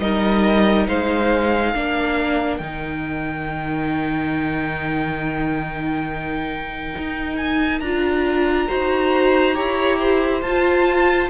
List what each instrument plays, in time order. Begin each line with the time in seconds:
0.00 cello G3, viola D#4, violin A#4 D#5
0.87 cello G#3, violin C5 F5
1.73 cello A#3, viola D4, violin A#4
2.57 cello D#3, viola D#4, violin G5
6.98 cello D#4
7.37 violin G#5
7.80 cello D4, viola F4, violin A#5
8.68 cello D#4, viola F#4, violin C5
9.55 cello E4, viola G4, violin C#5
10.00 violin C5
10.42 cello F4, viola F4, violin A5